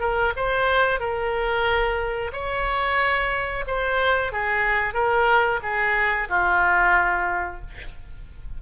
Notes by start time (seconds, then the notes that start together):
0.00 A#4
0.36 C5
1.00 A#4
2.33 C#5
3.67 C5
4.32 G#4
4.94 A#4
5.62 G#4
6.29 F4